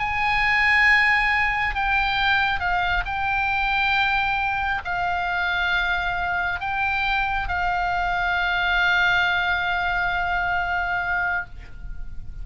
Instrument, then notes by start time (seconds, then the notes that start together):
oboe
0.00 G#5
1.75 G5
2.60 F5
3.06 G5
4.85 F5
6.61 G5
7.49 F5